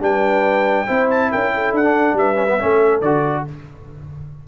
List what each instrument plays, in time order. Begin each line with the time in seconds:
0.00 tuba G3, trombone D4, horn B4, trumpet G5
0.86 tuba C4, trombone E4, horn C5
1.11 trumpet A5
1.32 tuba C#4, horn A#4, trumpet G5
1.55 horn A4
1.73 tuba D4, trumpet F#5
1.83 trombone D4
2.14 tuba G3, horn B4, trumpet E5
2.36 trombone C#4
2.48 trombone B3
2.60 tuba A3, trombone C#4, horn A4
3.02 tuba D3, trombone F#4, trumpet D5